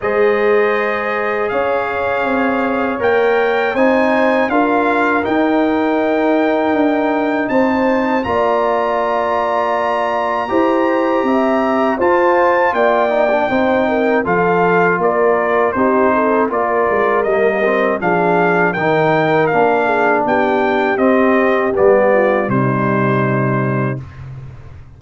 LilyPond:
<<
  \new Staff \with { instrumentName = "trumpet" } { \time 4/4 \tempo 4 = 80 dis''2 f''2 | g''4 gis''4 f''4 g''4~ | g''2 a''4 ais''4~ | ais''1 |
a''4 g''2 f''4 | d''4 c''4 d''4 dis''4 | f''4 g''4 f''4 g''4 | dis''4 d''4 c''2 | }
  \new Staff \with { instrumentName = "horn" } { \time 4/4 c''2 cis''2~ | cis''4 c''4 ais'2~ | ais'2 c''4 d''4~ | d''2 c''4 e''4 |
c''4 d''4 c''8 ais'8 a'4 | ais'4 g'8 a'8 ais'2 | gis'4 ais'4. gis'8 g'4~ | g'4. f'8 dis'2 | }
  \new Staff \with { instrumentName = "trombone" } { \time 4/4 gis'1 | ais'4 dis'4 f'4 dis'4~ | dis'2. f'4~ | f'2 g'2 |
f'4. dis'16 d'16 dis'4 f'4~ | f'4 dis'4 f'4 ais8 c'8 | d'4 dis'4 d'2 | c'4 b4 g2 | }
  \new Staff \with { instrumentName = "tuba" } { \time 4/4 gis2 cis'4 c'4 | ais4 c'4 d'4 dis'4~ | dis'4 d'4 c'4 ais4~ | ais2 e'4 c'4 |
f'4 ais4 c'4 f4 | ais4 c'4 ais8 gis8 g4 | f4 dis4 ais4 b4 | c'4 g4 c2 | }
>>